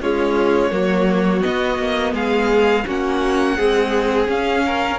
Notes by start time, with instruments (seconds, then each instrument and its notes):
0.00 viola G#3, cello C#4, violin F4 C#5
0.70 cello F#3, viola A#3, violin F#4
1.41 viola B3, cello B3, violin D#5
1.78 cello A#3
2.12 cello G#3, violin G#4 F5
2.86 cello A#3, viola C#4, violin F#4 F#5
3.56 viola G#3, cello C4, violin G#4
4.26 viola C#4, cello C#4, violin F5
4.65 violin A#4